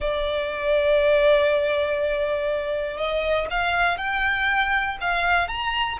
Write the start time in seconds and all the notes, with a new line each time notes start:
0.00 D5
2.97 D#5
3.50 F5
3.97 G5
5.00 F5
5.48 A#5